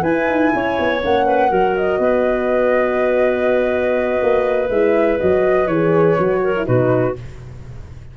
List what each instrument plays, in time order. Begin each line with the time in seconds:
0.00 horn E4, tuba E4, clarinet B4, flute G#5
0.28 tuba D#4
0.54 tuba C#4, clarinet C#5
0.79 tuba B3
1.02 tuba A#3, horn C#4, flute F#5
1.26 clarinet B4
1.50 tuba F#3, horn F#4, clarinet A#4
1.76 flute D#5
1.99 tuba B3, clarinet B4
4.22 tuba A#3
4.70 tuba G#3, horn E4, flute E5
5.19 tuba F#3, horn F#4, flute D#5
5.67 tuba E3, horn G#4, flute C#5
6.19 tuba F#3, horn F#4
6.43 clarinet A#4
6.57 horn E4
6.65 tuba B2, horn D#4, clarinet F#4, flute B4